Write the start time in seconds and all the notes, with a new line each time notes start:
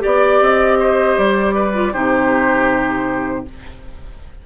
0.00 B3 G4 D5
0.41 C4 D#5
0.79 C5
1.18 G3 D5
1.55 B4
1.74 F4
1.93 C3 D#4 G4 C5